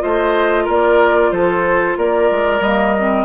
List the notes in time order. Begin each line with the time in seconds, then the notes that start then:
0.00 A3 F4 C5 D#5
0.65 A#3 A#4 D5
1.32 F3 A4 C5
1.98 A#3 A#4 D5
2.31 G#3
2.61 G3 A#3 D#5
3.00 C4